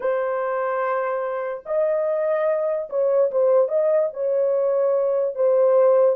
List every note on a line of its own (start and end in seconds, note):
0.00 1.63 C5
1.65 2.88 D#5
2.89 3.30 C#5
3.31 3.68 C5
3.68 4.09 D#5
4.13 5.35 C#5
5.35 6.16 C5